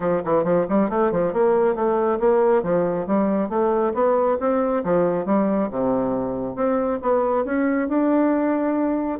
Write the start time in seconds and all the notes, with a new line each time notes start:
0.00 F3
0.24 E3
0.44 F3
0.68 G3
0.89 A3
1.11 F3
1.33 A#3
1.75 A3
2.19 A#3
2.63 F3
3.06 G3
3.49 A3
3.94 B3
4.40 C4
4.84 F3
5.25 G3
5.70 C3
6.55 C4
7.02 B3
7.45 C#4
7.88 D4